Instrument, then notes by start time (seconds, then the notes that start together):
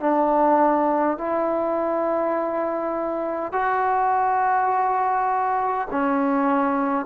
trombone
0.00 D4
1.18 E4
3.52 F#4
5.91 C#4